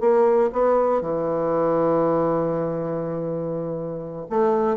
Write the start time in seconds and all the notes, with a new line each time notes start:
0.00 A#3
0.52 B3
1.01 E3
4.29 A3